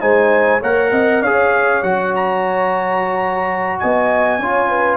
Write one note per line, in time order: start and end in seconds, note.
0.00 0.62 G#3
0.00 0.61 D#4
0.00 0.60 C5
0.00 0.61 G#5
0.60 0.92 A#3
0.60 1.24 A#4
0.60 0.90 C#5
0.60 1.23 F#5
0.92 1.22 C4
0.92 1.22 D#5
1.22 1.83 C#4
1.22 1.83 G#4
1.22 3.80 C#5
1.22 1.83 F5
1.83 3.80 F#3
1.83 4.41 F#4
1.83 2.13 F#5
2.15 3.79 A#5
3.79 4.39 B3
3.79 4.40 D#5
3.79 4.97 G#5
4.39 4.97 C#4
4.39 4.97 F4
4.39 4.69 C#5
4.69 4.97 B4